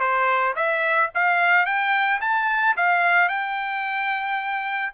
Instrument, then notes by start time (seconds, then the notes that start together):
trumpet
0.00 C5
0.56 E5
1.15 F5
1.66 G5
2.21 A5
2.77 F5
3.29 G5